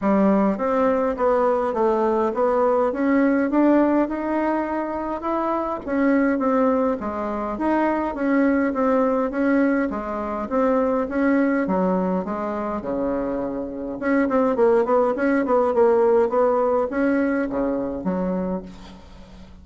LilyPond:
\new Staff \with { instrumentName = "bassoon" } { \time 4/4 \tempo 4 = 103 g4 c'4 b4 a4 | b4 cis'4 d'4 dis'4~ | dis'4 e'4 cis'4 c'4 | gis4 dis'4 cis'4 c'4 |
cis'4 gis4 c'4 cis'4 | fis4 gis4 cis2 | cis'8 c'8 ais8 b8 cis'8 b8 ais4 | b4 cis'4 cis4 fis4 | }